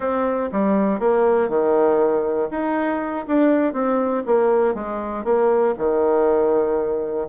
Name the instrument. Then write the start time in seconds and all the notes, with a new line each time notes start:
bassoon
0.00 C4
0.51 G3
0.99 A#3
1.48 D#3
2.50 D#4
3.27 D4
3.72 C4
4.25 A#3
4.74 G#3
5.24 A#3
5.77 D#3